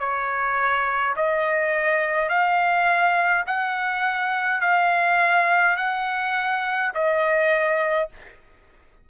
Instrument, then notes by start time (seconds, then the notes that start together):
trumpet
0.00 C#5
1.17 D#5
2.29 F5
3.47 F#5
4.62 F5
5.77 F#5
6.94 D#5